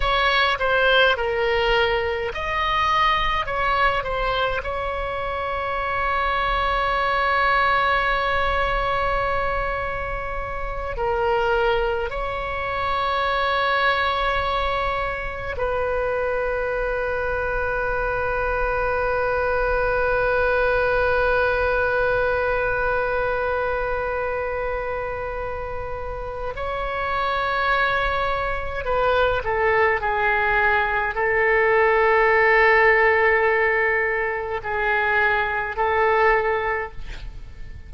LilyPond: \new Staff \with { instrumentName = "oboe" } { \time 4/4 \tempo 4 = 52 cis''8 c''8 ais'4 dis''4 cis''8 c''8 | cis''1~ | cis''4. ais'4 cis''4.~ | cis''4. b'2~ b'8~ |
b'1~ | b'2. cis''4~ | cis''4 b'8 a'8 gis'4 a'4~ | a'2 gis'4 a'4 | }